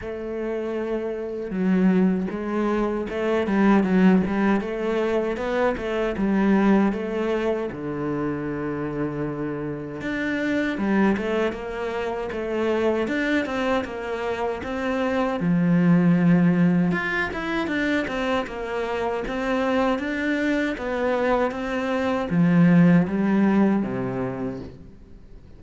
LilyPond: \new Staff \with { instrumentName = "cello" } { \time 4/4 \tempo 4 = 78 a2 fis4 gis4 | a8 g8 fis8 g8 a4 b8 a8 | g4 a4 d2~ | d4 d'4 g8 a8 ais4 |
a4 d'8 c'8 ais4 c'4 | f2 f'8 e'8 d'8 c'8 | ais4 c'4 d'4 b4 | c'4 f4 g4 c4 | }